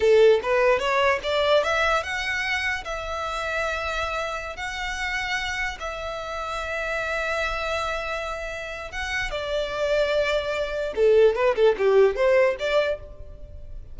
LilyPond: \new Staff \with { instrumentName = "violin" } { \time 4/4 \tempo 4 = 148 a'4 b'4 cis''4 d''4 | e''4 fis''2 e''4~ | e''2.~ e''16 fis''8.~ | fis''2~ fis''16 e''4.~ e''16~ |
e''1~ | e''2 fis''4 d''4~ | d''2. a'4 | b'8 a'8 g'4 c''4 d''4 | }